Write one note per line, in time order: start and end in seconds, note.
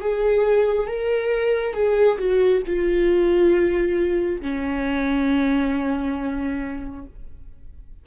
0.00 0.87 G#4
0.87 1.74 A#4
1.74 2.18 G#4
2.18 2.63 F#4
2.66 4.41 F4
4.41 7.06 C#4